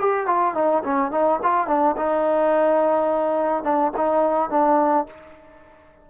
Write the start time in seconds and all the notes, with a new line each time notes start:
0.00 G4
0.27 F4
0.55 D#4
0.84 C#4
1.12 D#4
1.43 F4
1.67 D4
1.97 D#4
3.64 D4
3.97 D#4
4.50 D4